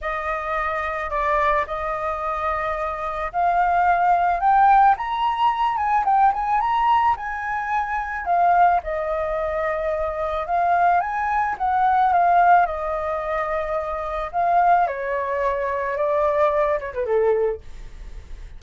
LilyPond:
\new Staff \with { instrumentName = "flute" } { \time 4/4 \tempo 4 = 109 dis''2 d''4 dis''4~ | dis''2 f''2 | g''4 ais''4. gis''8 g''8 gis''8 | ais''4 gis''2 f''4 |
dis''2. f''4 | gis''4 fis''4 f''4 dis''4~ | dis''2 f''4 cis''4~ | cis''4 d''4. cis''16 b'16 a'4 | }